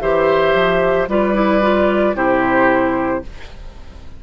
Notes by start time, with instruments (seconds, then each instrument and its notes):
0.00 bassoon E3, clarinet G4, oboe C5, flute E5
0.54 bassoon F3
1.07 bassoon G3, clarinet F4, oboe B4, flute D5
1.33 clarinet E4
1.61 clarinet F4
2.14 bassoon C3, clarinet E4, oboe G4, flute C5